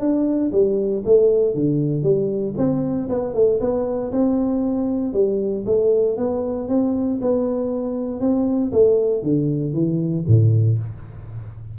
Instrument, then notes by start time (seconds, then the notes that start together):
tuba
0.00 D4
0.52 G3
1.05 A3
1.55 D3
2.03 G3
2.57 C4
3.09 B3
3.34 A3
3.60 B3
4.12 C4
5.14 G3
5.66 A3
6.17 B3
6.69 C4
7.21 B3
8.21 C4
8.72 A3
9.23 D3
9.74 E3
10.28 A2